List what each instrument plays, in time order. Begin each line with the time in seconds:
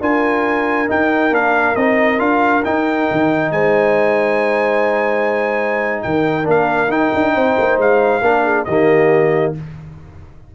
0.00 tuba D4, trombone F4, horn A#4, trumpet G#5
0.87 trombone D#4, tuba D#4, trumpet G5
1.30 tuba A#3, trombone D4, trumpet F5
1.75 tuba C4, trombone D#4, trumpet D#5
2.18 tuba D4, trombone F4, trumpet F5
2.64 trombone D#4, tuba D#4, trumpet G5
3.11 tuba D#3
3.51 tuba G#3, horn C5, trumpet G#5
6.02 tuba D#3, horn A#4, trumpet G5
6.43 tuba A#3, trombone D4
6.50 trumpet F5
6.88 tuba D#4, trombone D#4, trumpet G5
7.14 tuba D4
7.33 tuba C4, horn C5
7.58 tuba A#3
7.77 tuba G#3, trumpet F5
8.21 tuba A#3, trombone D4, horn A#4
8.43 horn G#4
8.64 tuba D#3, trombone A#3, horn G4, trumpet D#5